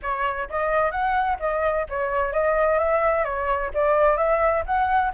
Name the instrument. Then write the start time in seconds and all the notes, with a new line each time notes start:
flute
0.02 C#5
0.49 D#5
0.91 F#5
1.39 D#5
1.89 C#5
2.32 D#5
2.78 E5
3.24 C#5
3.74 D5
4.17 E5
4.66 F#5